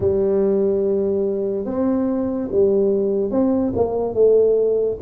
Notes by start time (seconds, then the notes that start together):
0.00 G3
1.65 C4
2.51 G3
3.30 C4
3.75 A#3
4.14 A3